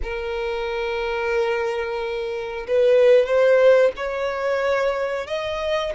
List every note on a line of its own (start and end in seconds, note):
0.02 2.66 A#4
2.67 3.25 B4
3.25 3.91 C5
3.96 5.26 C#5
5.26 5.92 D#5